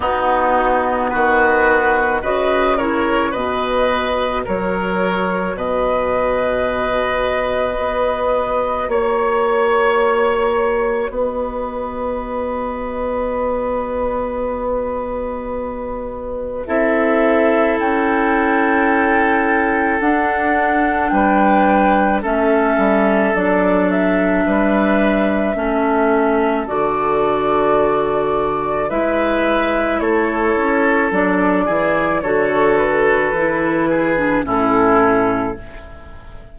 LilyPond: <<
  \new Staff \with { instrumentName = "flute" } { \time 4/4 \tempo 4 = 54 fis'4 b'4 dis''8 cis''8 dis''4 | cis''4 dis''2. | cis''2 dis''2~ | dis''2. e''4 |
g''2 fis''4 g''4 | e''4 d''8 e''2~ e''8 | d''2 e''4 cis''4 | d''4 cis''8 b'4. a'4 | }
  \new Staff \with { instrumentName = "oboe" } { \time 4/4 dis'4 fis'4 b'8 ais'8 b'4 | ais'4 b'2. | cis''2 b'2~ | b'2. a'4~ |
a'2. b'4 | a'2 b'4 a'4~ | a'2 b'4 a'4~ | a'8 gis'8 a'4. gis'8 e'4 | }
  \new Staff \with { instrumentName = "clarinet" } { \time 4/4 b2 fis'8 e'8 fis'4~ | fis'1~ | fis'1~ | fis'2. e'4~ |
e'2 d'2 | cis'4 d'2 cis'4 | fis'2 e'2 | d'8 e'8 fis'4 e'8. d'16 cis'4 | }
  \new Staff \with { instrumentName = "bassoon" } { \time 4/4 b4 dis4 cis4 b,4 | fis4 b,2 b4 | ais2 b2~ | b2. c'4 |
cis'2 d'4 g4 | a8 g8 fis4 g4 a4 | d2 gis4 a8 cis'8 | fis8 e8 d4 e4 a,4 | }
>>